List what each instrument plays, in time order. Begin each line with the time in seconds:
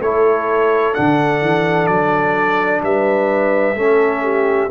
0.00 tuba A3, trombone E4, horn A4, trumpet C#5
0.94 tuba D3, trombone D4, trumpet F#5
1.42 tuba E3
1.87 tuba F#3, trumpet D5
2.82 tuba G3, horn B4, trumpet E5
3.75 tuba A3, trombone C#4, horn A4
4.23 horn G4